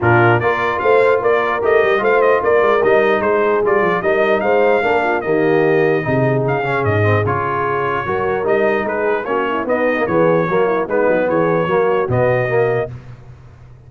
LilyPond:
<<
  \new Staff \with { instrumentName = "trumpet" } { \time 4/4 \tempo 4 = 149 ais'4 d''4 f''4 d''4 | dis''4 f''8 dis''8 d''4 dis''4 | c''4 d''4 dis''4 f''4~ | f''4 dis''2. |
f''4 dis''4 cis''2~ | cis''4 dis''4 b'4 cis''4 | dis''4 cis''2 b'4 | cis''2 dis''2 | }
  \new Staff \with { instrumentName = "horn" } { \time 4/4 f'4 ais'4 c''4 ais'4~ | ais'4 c''4 ais'2 | gis'2 ais'4 c''4 | ais'8 f'8 g'2 gis'4~ |
gis'1 | ais'2 gis'4 fis'8 e'8 | dis'4 gis'4 fis'8 e'8 dis'4 | gis'4 fis'2. | }
  \new Staff \with { instrumentName = "trombone" } { \time 4/4 d'4 f'2. | g'4 f'2 dis'4~ | dis'4 f'4 dis'2 | d'4 ais2 dis'4~ |
dis'8 cis'4 c'8 f'2 | fis'4 dis'2 cis'4 | b8. ais16 b4 ais4 b4~ | b4 ais4 b4 ais4 | }
  \new Staff \with { instrumentName = "tuba" } { \time 4/4 ais,4 ais4 a4 ais4 | a8 g8 a4 ais8 gis8 g4 | gis4 g8 f8 g4 gis4 | ais4 dis2 c4 |
cis4 gis,4 cis2 | fis4 g4 gis4 ais4 | b4 e4 fis4 gis8 fis8 | e4 fis4 b,2 | }
>>